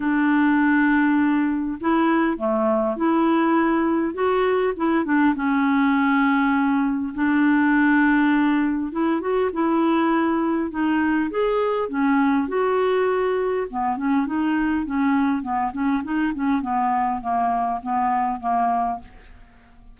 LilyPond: \new Staff \with { instrumentName = "clarinet" } { \time 4/4 \tempo 4 = 101 d'2. e'4 | a4 e'2 fis'4 | e'8 d'8 cis'2. | d'2. e'8 fis'8 |
e'2 dis'4 gis'4 | cis'4 fis'2 b8 cis'8 | dis'4 cis'4 b8 cis'8 dis'8 cis'8 | b4 ais4 b4 ais4 | }